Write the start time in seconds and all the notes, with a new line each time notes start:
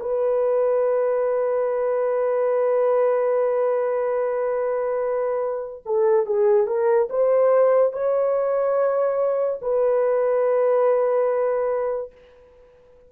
0.00 B4
5.86 A4
6.26 G#4
6.67 A#4
7.09 C5
7.93 C#5
9.61 B4